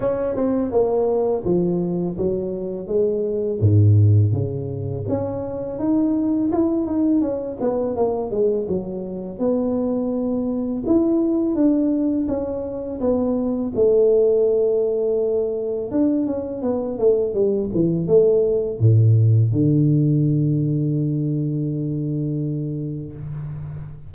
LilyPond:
\new Staff \with { instrumentName = "tuba" } { \time 4/4 \tempo 4 = 83 cis'8 c'8 ais4 f4 fis4 | gis4 gis,4 cis4 cis'4 | dis'4 e'8 dis'8 cis'8 b8 ais8 gis8 | fis4 b2 e'4 |
d'4 cis'4 b4 a4~ | a2 d'8 cis'8 b8 a8 | g8 e8 a4 a,4 d4~ | d1 | }